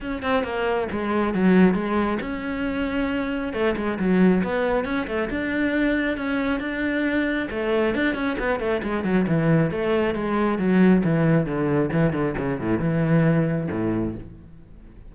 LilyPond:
\new Staff \with { instrumentName = "cello" } { \time 4/4 \tempo 4 = 136 cis'8 c'8 ais4 gis4 fis4 | gis4 cis'2. | a8 gis8 fis4 b4 cis'8 a8 | d'2 cis'4 d'4~ |
d'4 a4 d'8 cis'8 b8 a8 | gis8 fis8 e4 a4 gis4 | fis4 e4 d4 e8 d8 | cis8 a,8 e2 a,4 | }